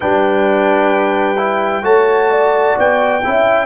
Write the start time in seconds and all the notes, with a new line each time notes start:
0.00 G3 D4 B4 G5
1.36 E4
1.82 A3 F#4 C#5 A5
2.31 D5
2.77 B3 G5
3.23 C#4 E4 E5